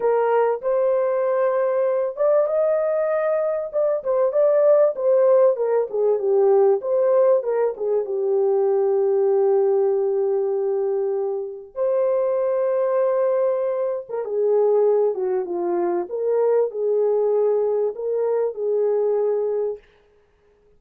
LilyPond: \new Staff \with { instrumentName = "horn" } { \time 4/4 \tempo 4 = 97 ais'4 c''2~ c''8 d''8 | dis''2 d''8 c''8 d''4 | c''4 ais'8 gis'8 g'4 c''4 | ais'8 gis'8 g'2.~ |
g'2. c''4~ | c''2~ c''8. ais'16 gis'4~ | gis'8 fis'8 f'4 ais'4 gis'4~ | gis'4 ais'4 gis'2 | }